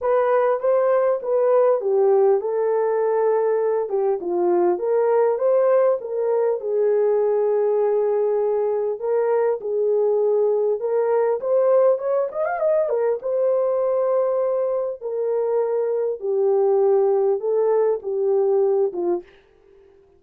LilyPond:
\new Staff \with { instrumentName = "horn" } { \time 4/4 \tempo 4 = 100 b'4 c''4 b'4 g'4 | a'2~ a'8 g'8 f'4 | ais'4 c''4 ais'4 gis'4~ | gis'2. ais'4 |
gis'2 ais'4 c''4 | cis''8 dis''16 f''16 dis''8 ais'8 c''2~ | c''4 ais'2 g'4~ | g'4 a'4 g'4. f'8 | }